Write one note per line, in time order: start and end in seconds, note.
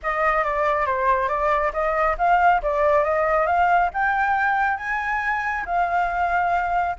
0.02 0.43 D#5
0.43 0.86 D5
0.86 1.28 C5
1.28 1.72 D5
1.73 2.16 D#5
2.18 2.61 F5
2.62 3.04 D5
3.04 3.46 D#5
3.46 3.90 F5
3.93 4.77 G5
4.77 5.64 G#5
5.65 6.96 F5